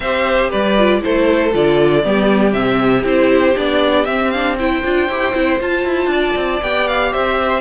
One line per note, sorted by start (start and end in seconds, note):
0.00 0.51 C4
0.00 0.78 G4
0.00 0.49 C5
0.00 0.50 E5
0.49 1.04 G3
0.49 1.00 B4
0.49 1.02 D5
0.78 1.00 F4
1.00 1.54 A3
1.00 1.51 E4
1.00 2.03 A4
1.00 1.54 C5
1.53 2.04 D3
1.53 2.03 F4
1.53 2.52 D5
2.03 2.53 G3
2.03 2.51 B3
2.03 4.58 G4
2.51 3.03 C3
2.51 3.02 C4
2.51 3.03 E5
3.03 3.54 C4
3.03 3.54 E4
3.03 3.57 C5
3.55 4.07 B3
3.55 4.06 D4
3.55 4.04 D5
4.04 4.83 C4
4.04 4.33 C4
4.04 4.30 E5
4.30 4.58 D4
4.30 4.55 F5
4.58 4.83 E4
4.58 6.11 C5
4.58 5.60 G5
4.83 5.08 D4
4.83 5.09 F4
5.08 5.33 E4
5.08 5.34 G4
5.34 5.60 C4
5.34 5.59 E4
5.59 6.61 F4
5.59 5.85 F4
5.59 6.62 A5
5.85 6.06 E4
6.06 6.32 D4
6.06 7.12 D5
6.35 6.61 C4
6.62 7.13 B3
6.62 7.60 G4
6.62 6.87 G5
6.87 7.12 F5
7.12 7.60 C4
7.12 7.60 C5
7.12 7.60 E5